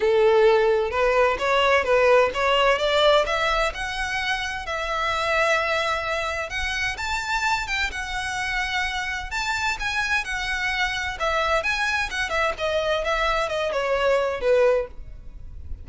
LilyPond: \new Staff \with { instrumentName = "violin" } { \time 4/4 \tempo 4 = 129 a'2 b'4 cis''4 | b'4 cis''4 d''4 e''4 | fis''2 e''2~ | e''2 fis''4 a''4~ |
a''8 g''8 fis''2. | a''4 gis''4 fis''2 | e''4 gis''4 fis''8 e''8 dis''4 | e''4 dis''8 cis''4. b'4 | }